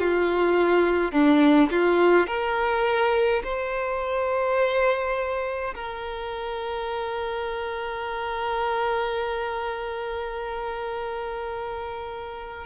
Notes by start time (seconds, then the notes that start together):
0.00 F4
1.12 D4
1.71 F4
2.27 A#4
3.44 C5
5.75 A#4